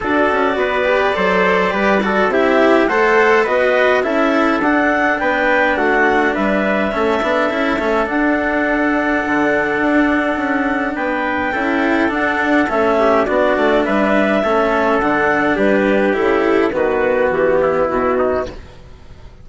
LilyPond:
<<
  \new Staff \with { instrumentName = "clarinet" } { \time 4/4 \tempo 4 = 104 d''1 | e''4 fis''4 dis''4 e''4 | fis''4 g''4 fis''4 e''4~ | e''2 fis''2~ |
fis''2. g''4~ | g''4 fis''4 e''4 d''4 | e''2 fis''4 b'4 | a'4 b'4 g'4 fis'4 | }
  \new Staff \with { instrumentName = "trumpet" } { \time 4/4 a'4 b'4 c''4 b'8 a'8 | g'4 c''4 b'4 a'4~ | a'4 b'4 fis'4 b'4 | a'1~ |
a'2. b'4 | a'2~ a'8 g'8 fis'4 | b'4 a'2 g'4~ | g'4 fis'4. e'4 dis'8 | }
  \new Staff \with { instrumentName = "cello" } { \time 4/4 fis'4. g'8 a'4 g'8 fis'8 | e'4 a'4 fis'4 e'4 | d'1 | cis'8 d'8 e'8 cis'8 d'2~ |
d'1 | e'4 d'4 cis'4 d'4~ | d'4 cis'4 d'2 | e'4 b2. | }
  \new Staff \with { instrumentName = "bassoon" } { \time 4/4 d'8 cis'8 b4 fis4 g4 | c'4 a4 b4 cis'4 | d'4 b4 a4 g4 | a8 b8 cis'8 a8 d'2 |
d4 d'4 cis'4 b4 | cis'4 d'4 a4 b8 a8 | g4 a4 d4 g4 | cis4 dis4 e4 b,4 | }
>>